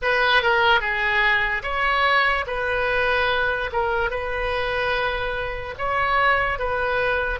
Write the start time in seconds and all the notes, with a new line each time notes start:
0.01 B4
0.42 A#4
0.80 G#4
1.63 C#5
2.47 B4
3.72 A#4
4.10 B4
5.78 C#5
6.59 B4